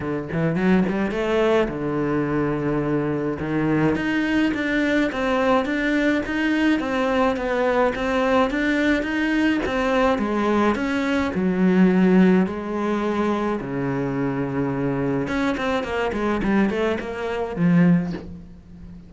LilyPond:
\new Staff \with { instrumentName = "cello" } { \time 4/4 \tempo 4 = 106 d8 e8 fis8 g8 a4 d4~ | d2 dis4 dis'4 | d'4 c'4 d'4 dis'4 | c'4 b4 c'4 d'4 |
dis'4 c'4 gis4 cis'4 | fis2 gis2 | cis2. cis'8 c'8 | ais8 gis8 g8 a8 ais4 f4 | }